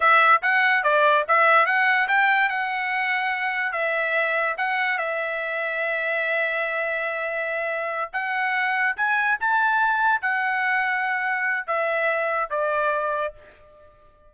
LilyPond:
\new Staff \with { instrumentName = "trumpet" } { \time 4/4 \tempo 4 = 144 e''4 fis''4 d''4 e''4 | fis''4 g''4 fis''2~ | fis''4 e''2 fis''4 | e''1~ |
e''2.~ e''8 fis''8~ | fis''4. gis''4 a''4.~ | a''8 fis''2.~ fis''8 | e''2 d''2 | }